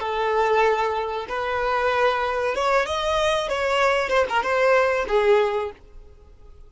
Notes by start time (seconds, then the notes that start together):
0.00 A4
1.29 B4
2.55 C#5
2.86 D#5
3.49 C#5
4.09 C5
4.29 A#4
4.42 C5
5.08 G#4